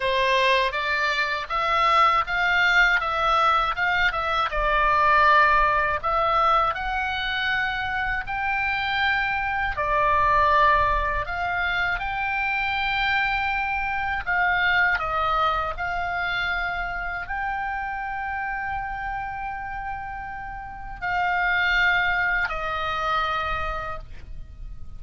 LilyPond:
\new Staff \with { instrumentName = "oboe" } { \time 4/4 \tempo 4 = 80 c''4 d''4 e''4 f''4 | e''4 f''8 e''8 d''2 | e''4 fis''2 g''4~ | g''4 d''2 f''4 |
g''2. f''4 | dis''4 f''2 g''4~ | g''1 | f''2 dis''2 | }